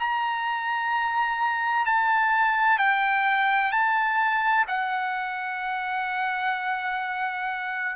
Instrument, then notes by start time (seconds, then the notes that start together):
trumpet
0.00 A#5
1.86 A5
2.79 G5
3.72 A5
4.68 F#5